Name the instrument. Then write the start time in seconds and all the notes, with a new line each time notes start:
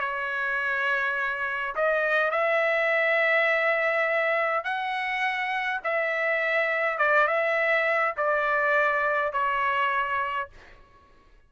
trumpet
0.00 C#5
1.76 D#5
2.31 E5
4.64 F#5
5.84 E5
6.98 D5
7.27 E5
8.17 D5
9.33 C#5